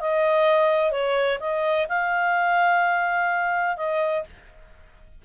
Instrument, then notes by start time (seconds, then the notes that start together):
clarinet
0.00 D#5
0.91 C#5
1.40 D#5
1.88 F5
3.76 D#5